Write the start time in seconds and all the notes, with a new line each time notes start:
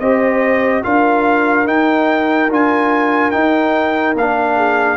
0.00 C4 G4 C5 D#5
0.83 D4 F4 A#4 F5
1.65 D#4 G5
2.50 D4 F4 G#5
3.31 D#4 G5
4.15 A#3 D4 F5
4.56 G#4